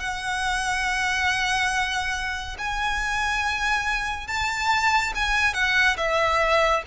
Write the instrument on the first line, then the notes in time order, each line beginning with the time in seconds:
violin
0.00 F#5
2.58 G#5
4.27 A5
5.15 G#5
5.54 F#5
5.97 E5